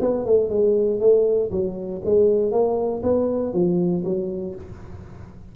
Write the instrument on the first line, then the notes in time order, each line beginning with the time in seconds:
tuba
0.00 B3
0.25 A3
0.50 G#3
1.00 A3
1.51 F#3
2.04 G#3
2.51 A#3
3.02 B3
3.53 F3
4.04 F#3